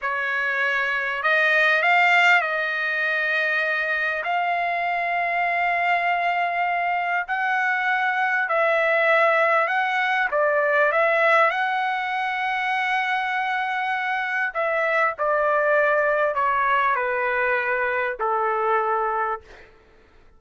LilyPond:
\new Staff \with { instrumentName = "trumpet" } { \time 4/4 \tempo 4 = 99 cis''2 dis''4 f''4 | dis''2. f''4~ | f''1 | fis''2 e''2 |
fis''4 d''4 e''4 fis''4~ | fis''1 | e''4 d''2 cis''4 | b'2 a'2 | }